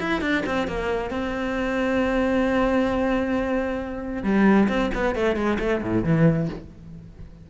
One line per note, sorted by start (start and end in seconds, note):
0.00 0.21 E4
0.21 0.44 D4
0.46 0.68 C4
0.68 1.11 A#3
1.11 4.23 C4
4.23 4.68 G3
4.68 4.91 C4
4.94 5.15 B3
5.15 5.36 A3
5.36 5.58 G#3
5.59 5.82 A3
5.82 6.04 A2
6.04 6.49 E3